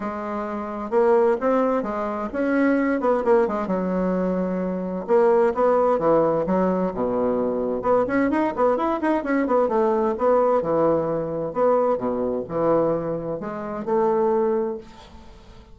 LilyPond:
\new Staff \with { instrumentName = "bassoon" } { \time 4/4 \tempo 4 = 130 gis2 ais4 c'4 | gis4 cis'4. b8 ais8 gis8 | fis2. ais4 | b4 e4 fis4 b,4~ |
b,4 b8 cis'8 dis'8 b8 e'8 dis'8 | cis'8 b8 a4 b4 e4~ | e4 b4 b,4 e4~ | e4 gis4 a2 | }